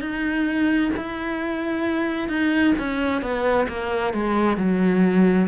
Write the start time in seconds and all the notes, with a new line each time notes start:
0.00 D#4
0.96 E4
2.28 D#4
2.78 C#4
3.21 B3
3.68 A#3
4.13 G#3
4.57 F#3